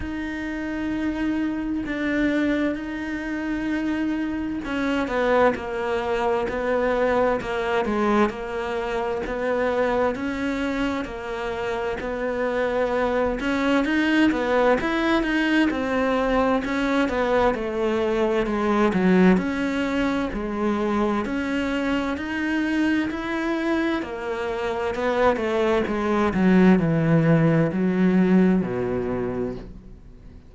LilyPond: \new Staff \with { instrumentName = "cello" } { \time 4/4 \tempo 4 = 65 dis'2 d'4 dis'4~ | dis'4 cis'8 b8 ais4 b4 | ais8 gis8 ais4 b4 cis'4 | ais4 b4. cis'8 dis'8 b8 |
e'8 dis'8 c'4 cis'8 b8 a4 | gis8 fis8 cis'4 gis4 cis'4 | dis'4 e'4 ais4 b8 a8 | gis8 fis8 e4 fis4 b,4 | }